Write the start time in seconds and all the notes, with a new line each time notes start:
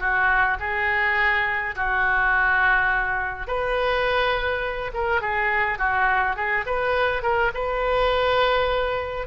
0.00 F#4
0.60 G#4
1.76 F#4
3.47 B4
4.94 A#4
5.22 G#4
5.79 F#4
6.37 G#4
6.67 B4
7.23 A#4
7.54 B4